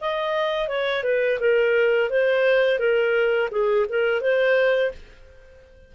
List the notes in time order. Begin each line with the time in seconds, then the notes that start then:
0.00 D#5
0.68 C#5
1.03 B4
1.39 A#4
2.10 C5
2.79 A#4
3.51 G#4
3.89 A#4
4.21 C5